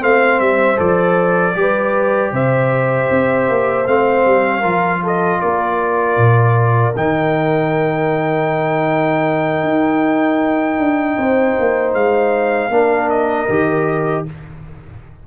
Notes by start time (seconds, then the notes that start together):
0.00 A3 C4 C5 F5
0.40 G3 E5
0.77 F3 A4 D5
1.55 G3 G4 B4
2.32 C3 C5 E5
3.11 C4
3.49 A#3
3.87 A3 C4 F5
4.26 G3
4.61 F3 F4 A#4
5.04 A4 D#5
5.41 A#3 A#4 D5
6.17 A#2
6.96 D#3 D#4 G5
9.63 D#4
10.79 D4
11.18 C4 C5
11.60 A#3
11.94 G#3 F5
12.70 A#3 D4 A#4
13.10 D#5
13.49 D#3 G4